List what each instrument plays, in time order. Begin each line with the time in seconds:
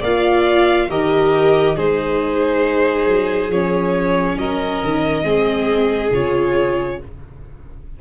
0.00 tuba A#3, viola F4, violin D5 F5
0.89 tuba D#3, viola G4, violin A#4 D#5
1.76 tuba G#3, viola D#4, violin G#4 C5
3.07 tuba F#3
3.49 tuba F3, viola C#4, violin C#5
4.37 tuba F#3, violin A#4 D#5
4.84 tuba D#3
5.23 tuba G#3, viola C4, violin G#4
6.12 tuba C#3, viola F4, violin C#5